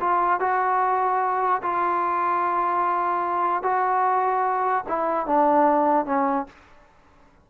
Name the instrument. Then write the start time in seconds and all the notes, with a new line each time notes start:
trombone
0.00 F4
0.40 F#4
1.63 F4
3.63 F#4
4.89 E4
5.27 D4
6.06 C#4